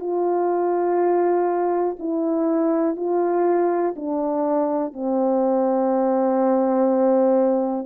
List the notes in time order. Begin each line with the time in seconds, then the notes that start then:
0.00 F4
2.00 E4
2.97 F4
3.97 D4
4.94 C4